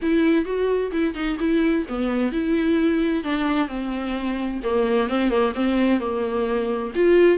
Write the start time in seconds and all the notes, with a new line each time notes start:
0.01 E4
0.45 F#4
0.91 E4
1.14 D#4
1.39 E4
1.88 B3
2.31 E4
3.23 D4
3.68 C4
4.63 A#3
5.08 C4
5.30 A#3
5.54 C4
5.99 A#3
6.95 F4